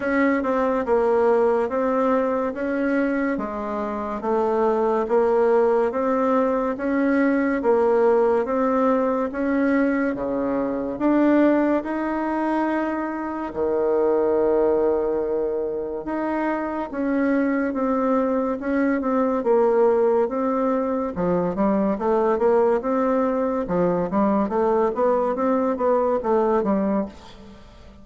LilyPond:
\new Staff \with { instrumentName = "bassoon" } { \time 4/4 \tempo 4 = 71 cis'8 c'8 ais4 c'4 cis'4 | gis4 a4 ais4 c'4 | cis'4 ais4 c'4 cis'4 | cis4 d'4 dis'2 |
dis2. dis'4 | cis'4 c'4 cis'8 c'8 ais4 | c'4 f8 g8 a8 ais8 c'4 | f8 g8 a8 b8 c'8 b8 a8 g8 | }